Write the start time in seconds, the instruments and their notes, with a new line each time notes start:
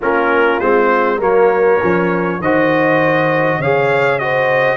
0.01 tuba A#3, trombone C#4, horn F4, trumpet A#4
0.59 tuba G#3, trombone C4, trumpet C5
1.17 tuba F#3, trombone A#3, horn A#4, trumpet C#5
1.81 tuba F3, trombone C#4
2.40 tuba D#3, trombone F#4, horn C5, trumpet D#5
3.58 tuba C#3, trombone G#4, horn C#5, trumpet F5
4.19 trombone F#4, horn C5, trumpet D#5